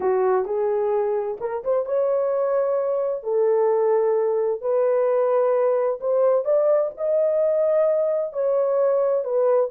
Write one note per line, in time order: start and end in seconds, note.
0.00 0.45 F#4
0.45 1.37 G#4
1.40 1.63 A#4
1.64 1.85 C5
1.85 3.23 C#5
3.23 4.61 A4
4.61 5.99 B4
6.00 6.44 C5
6.44 6.91 D5
6.97 8.32 D#5
8.32 9.24 C#5
9.24 9.70 B4